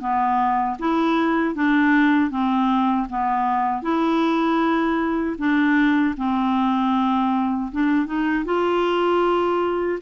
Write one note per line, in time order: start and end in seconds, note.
0.00 0.77 B3
0.79 1.55 E4
1.55 2.30 D4
2.30 3.07 C4
3.09 3.82 B3
3.82 5.36 E4
5.38 6.15 D4
6.17 7.71 C4
7.72 8.06 D4
8.06 8.44 D#4
8.45 9.99 F4